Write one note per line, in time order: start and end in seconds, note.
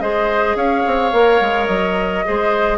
0.00 0.55 G#3
0.00 1.12 G#4
0.00 0.57 C5
0.00 0.56 D#5
0.55 0.83 C#4
0.55 2.25 C#5
0.55 1.66 F5
0.86 1.13 C4
1.13 1.41 A#3
1.13 2.25 A#4
1.41 1.68 G#3
1.66 2.24 F#3
1.66 2.78 D#5
2.25 2.78 G#3
2.25 2.78 G#4
2.25 2.78 C5